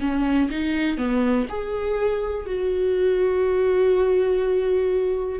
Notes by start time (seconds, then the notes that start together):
0.00 C#4
0.50 D#4
0.97 B3
1.49 G#4
2.46 F#4